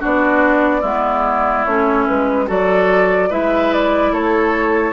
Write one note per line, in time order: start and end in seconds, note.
0.00 0.83 B3
0.00 0.82 D4
0.00 0.81 F#4
0.00 1.66 D5
0.81 1.66 G#3
0.81 1.66 B3
0.81 2.46 E4
1.66 2.07 A3
1.66 2.48 C#4
1.66 2.07 C#5
2.08 2.49 G#3
2.08 2.49 B4
2.47 3.31 F#3
2.47 3.30 F#4
2.47 3.29 A4
2.47 3.32 D5
3.30 4.12 G#3
3.30 4.94 E4
3.30 4.12 B4
3.30 3.73 E5
3.73 4.14 D5
4.12 4.94 A3
4.12 4.94 A4
4.12 4.94 C#5